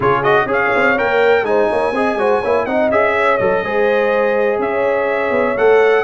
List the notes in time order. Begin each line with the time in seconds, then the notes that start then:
0.00 C#3 F4 G#4 C#5
0.23 F#4 D#5
0.45 C#4 G#4 C#5
0.52 F5
0.75 C4
0.97 A#3 A#4 G5
1.42 G#3 D#4 C5 G#5
1.69 A#3 C#5
1.91 C4 G#4 D#5
2.14 G#3 F#4 C5
2.41 A#3 E4 C#5
2.65 C4 D#4 D#5 F#5
2.90 C#4 G#4 E5
3.16 C#5
3.37 F#3 A4 D#5
3.63 G#3 G#4 C5
4.59 C#4 C#5 E5
5.30 B3
5.56 A3 A4 F#5